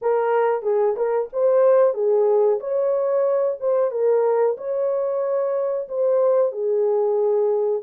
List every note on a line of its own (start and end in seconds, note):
0.01 0.62 A#4
0.62 0.95 G#4
0.96 1.29 A#4
1.32 1.94 C5
1.94 2.59 G#4
2.59 3.57 C#5
3.60 3.91 C5
3.91 4.56 A#4
4.57 5.88 C#5
5.88 6.52 C5
6.52 7.82 G#4